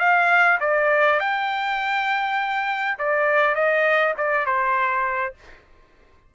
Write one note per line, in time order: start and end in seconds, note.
0.00 0.59 F5
0.61 1.20 D5
1.20 2.99 G5
2.99 3.55 D5
3.55 4.15 D#5
4.18 4.46 D5
4.46 5.35 C5